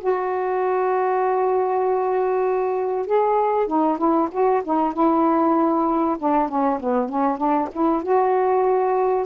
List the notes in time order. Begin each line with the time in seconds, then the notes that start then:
0.00 F#4
3.06 G#4
3.67 D#4
3.98 E4
4.31 F#4
4.64 D#4
4.93 E4
6.19 D4
6.49 C#4
6.80 B3
7.09 C#4
7.37 D4
7.72 E4
8.02 F#4